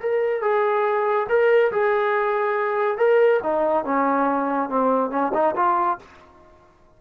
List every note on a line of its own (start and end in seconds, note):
0.00 0.42 A#4
0.42 1.27 G#4
1.29 1.71 A#4
1.71 2.97 G#4
2.97 3.40 A#4
3.43 3.84 D#4
3.84 4.69 C#4
4.69 5.10 C4
5.10 5.32 C#4
5.33 5.55 D#4
5.56 5.98 F4